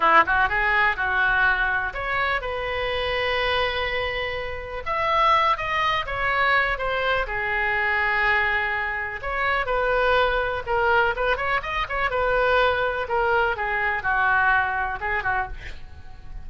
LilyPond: \new Staff \with { instrumentName = "oboe" } { \time 4/4 \tempo 4 = 124 e'8 fis'8 gis'4 fis'2 | cis''4 b'2.~ | b'2 e''4. dis''8~ | dis''8 cis''4. c''4 gis'4~ |
gis'2. cis''4 | b'2 ais'4 b'8 cis''8 | dis''8 cis''8 b'2 ais'4 | gis'4 fis'2 gis'8 fis'8 | }